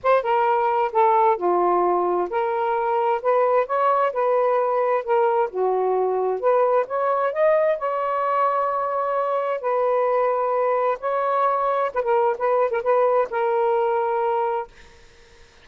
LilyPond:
\new Staff \with { instrumentName = "saxophone" } { \time 4/4 \tempo 4 = 131 c''8 ais'4. a'4 f'4~ | f'4 ais'2 b'4 | cis''4 b'2 ais'4 | fis'2 b'4 cis''4 |
dis''4 cis''2.~ | cis''4 b'2. | cis''2 b'16 ais'8. b'8. ais'16 | b'4 ais'2. | }